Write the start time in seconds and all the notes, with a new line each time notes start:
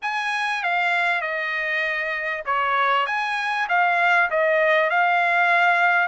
0.02 G#5
0.63 F5
1.21 D#5
2.45 C#5
3.06 G#5
3.68 F5
4.30 D#5
4.90 F5